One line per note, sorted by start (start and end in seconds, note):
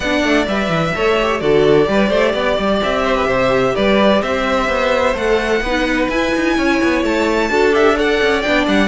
0.00 0.23 B3
0.00 0.47 D4
0.00 0.94 D5
0.00 0.45 F#5
0.23 0.46 A3
0.47 0.68 G3
0.47 0.94 B4
0.47 1.39 E5
0.68 0.92 E3
0.94 1.41 A3
0.94 1.18 A4
0.94 1.41 C#5
1.21 1.40 G4
1.39 1.87 D3
1.39 1.84 F#4
1.39 1.88 A4
1.39 2.80 D5
1.84 2.10 G3
1.84 5.12 G4
1.84 2.08 B4
2.08 2.33 A3
2.08 2.32 C5
2.34 2.57 B3
2.34 3.04 D5
2.58 2.81 G3
2.83 3.26 C4
2.83 3.75 E5
3.04 3.15 C5
3.15 3.26 B4
3.26 3.73 C3
3.26 3.73 C5
3.75 4.22 G3
3.75 4.21 B4
3.75 4.22 D5
4.21 4.68 C4
4.21 5.61 C5
4.21 5.16 E5
4.68 5.14 B3
5.14 5.60 A3
5.14 5.61 A4
5.14 6.09 F#5
5.60 6.07 B3
5.60 6.12 D#4
5.60 6.55 B4
6.08 6.32 E4
6.08 7.49 E4
6.08 7.03 G#5
6.35 6.58 D#4
6.56 6.81 C#4
6.56 7.50 C#5
6.83 7.03 B3
7.03 7.50 A3
7.03 7.74 A5
7.49 8.20 D4
7.49 7.71 F#4
7.49 7.96 A4
7.71 7.95 G4
7.71 7.97 E5
7.95 8.42 A4
7.95 8.88 D5
7.95 8.41 F#5
8.21 8.45 C#4
8.41 8.67 B3
8.41 8.88 D4
8.41 8.65 G5
8.67 8.88 G3
8.67 8.88 F#5